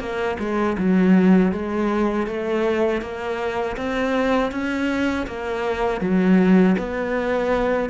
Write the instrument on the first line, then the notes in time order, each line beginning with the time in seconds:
cello
0.00 A#3
0.40 G#3
0.78 F#3
1.52 G#3
2.27 A3
3.02 A#3
3.77 C4
4.52 C#4
5.27 A#3
6.01 F#3
6.79 B3